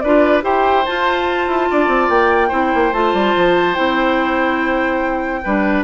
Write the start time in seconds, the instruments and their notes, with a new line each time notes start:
0.00 bassoon D4, clarinet F4, oboe B4, flute D5
0.42 bassoon E4, clarinet G4, oboe C5, flute G5
0.86 clarinet F4, bassoon F4, flute A5
1.47 bassoon E4
1.71 bassoon D4, oboe D5
1.88 bassoon C4
2.09 bassoon A#3, flute G5
2.49 bassoon C4, clarinet E4, oboe C5
2.74 bassoon A#3
2.93 bassoon A3, clarinet F4, flute A5
3.14 bassoon G3
3.36 bassoon F3
3.74 bassoon C4, clarinet E4, flute G5
5.44 bassoon G3, clarinet D4, oboe B4